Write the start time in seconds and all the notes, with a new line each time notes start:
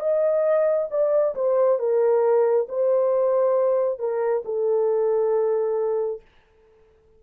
0.00 D#5
0.91 D5
1.35 C5
1.79 A#4
2.69 C5
3.99 A#4
4.45 A4